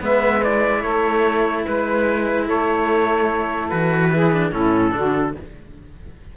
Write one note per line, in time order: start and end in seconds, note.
0.00 0.84 G#3
0.00 0.41 B3
0.00 0.82 B4
0.00 0.44 E5
0.44 3.71 E4
0.44 0.82 D5
0.82 1.66 A3
0.82 1.64 A4
0.82 1.64 C#5
1.64 2.49 G#3
1.64 2.47 B4
1.64 2.49 B4
2.47 3.72 A3
2.47 4.11 A4
2.47 3.69 C#5
3.69 4.52 E3
3.69 4.12 F#4
3.69 4.52 B4
4.13 4.32 E4
4.13 4.53 G#4
4.32 4.52 D4
4.52 4.93 A2
4.52 4.91 C#4
4.52 4.94 E4
4.52 5.36 A4
4.91 5.36 D3
4.91 5.33 D4
4.91 5.36 F#4